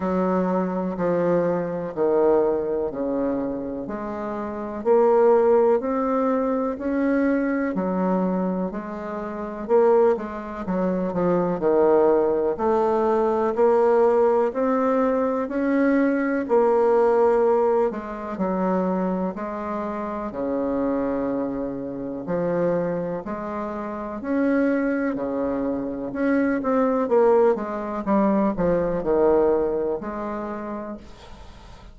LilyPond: \new Staff \with { instrumentName = "bassoon" } { \time 4/4 \tempo 4 = 62 fis4 f4 dis4 cis4 | gis4 ais4 c'4 cis'4 | fis4 gis4 ais8 gis8 fis8 f8 | dis4 a4 ais4 c'4 |
cis'4 ais4. gis8 fis4 | gis4 cis2 f4 | gis4 cis'4 cis4 cis'8 c'8 | ais8 gis8 g8 f8 dis4 gis4 | }